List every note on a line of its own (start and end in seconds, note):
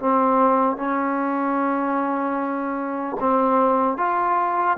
0.00 0.77 C4
0.77 3.17 C#4
3.20 3.98 C4
3.98 4.78 F4